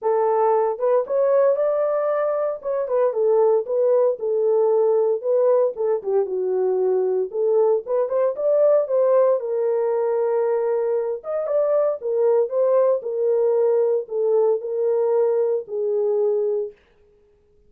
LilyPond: \new Staff \with { instrumentName = "horn" } { \time 4/4 \tempo 4 = 115 a'4. b'8 cis''4 d''4~ | d''4 cis''8 b'8 a'4 b'4 | a'2 b'4 a'8 g'8 | fis'2 a'4 b'8 c''8 |
d''4 c''4 ais'2~ | ais'4. dis''8 d''4 ais'4 | c''4 ais'2 a'4 | ais'2 gis'2 | }